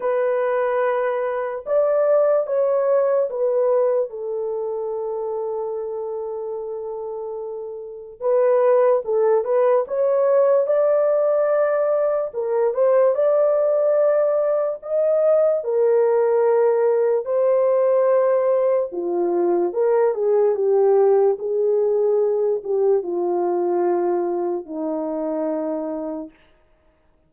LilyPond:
\new Staff \with { instrumentName = "horn" } { \time 4/4 \tempo 4 = 73 b'2 d''4 cis''4 | b'4 a'2.~ | a'2 b'4 a'8 b'8 | cis''4 d''2 ais'8 c''8 |
d''2 dis''4 ais'4~ | ais'4 c''2 f'4 | ais'8 gis'8 g'4 gis'4. g'8 | f'2 dis'2 | }